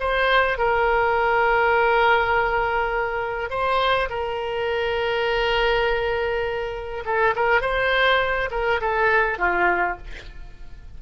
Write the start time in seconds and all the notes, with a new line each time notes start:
0.00 C5
0.58 A#4
3.50 C5
4.10 A#4
7.05 A4
7.36 A#4
7.61 C5
8.51 A#4
8.81 A4
9.39 F4